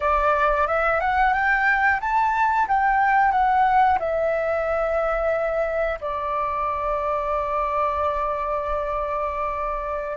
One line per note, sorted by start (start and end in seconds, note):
0.00 0.67 D5
0.67 1.00 E5
1.00 1.33 F#5
1.33 2.00 G5
2.00 2.67 A5
2.68 3.32 G5
3.32 3.98 F#5
3.99 5.99 E5
6.00 10.17 D5